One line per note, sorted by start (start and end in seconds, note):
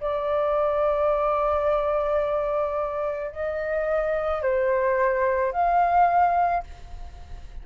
0.00 3.31 D5
3.31 4.42 D#5
4.42 5.52 C5
5.52 6.63 F5